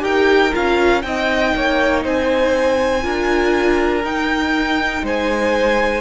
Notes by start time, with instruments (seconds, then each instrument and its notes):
0.00 cello D#4, viola G4, violin A#4 G5
0.53 cello C#4, viola F4, violin F5
1.02 cello C4, viola D#4, violin D#5 G5
1.56 cello A#3, violin C#5
2.05 cello C4, violin C5 G#5
3.03 cello D4, viola F4, violin A#4
4.04 cello D#4, viola D#4, violin G5
5.03 cello G#3, violin C5 G#5